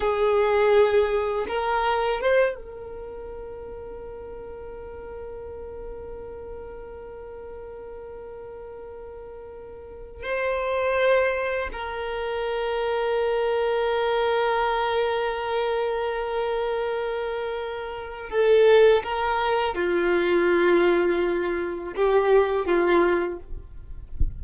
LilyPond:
\new Staff \with { instrumentName = "violin" } { \time 4/4 \tempo 4 = 82 gis'2 ais'4 c''8 ais'8~ | ais'1~ | ais'1~ | ais'2 c''2 |
ais'1~ | ais'1~ | ais'4 a'4 ais'4 f'4~ | f'2 g'4 f'4 | }